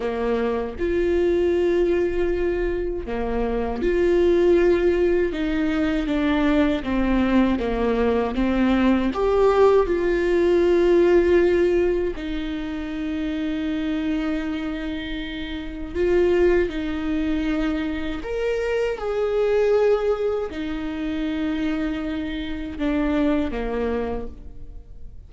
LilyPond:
\new Staff \with { instrumentName = "viola" } { \time 4/4 \tempo 4 = 79 ais4 f'2. | ais4 f'2 dis'4 | d'4 c'4 ais4 c'4 | g'4 f'2. |
dis'1~ | dis'4 f'4 dis'2 | ais'4 gis'2 dis'4~ | dis'2 d'4 ais4 | }